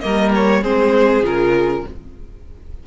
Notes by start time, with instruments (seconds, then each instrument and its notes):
0.00 cello G3, viola A#3, violin A#4 D#5
0.35 violin C#5
0.61 cello G#3, viola C4, violin G#4 C5
1.22 cello C#3, viola F4, violin A#4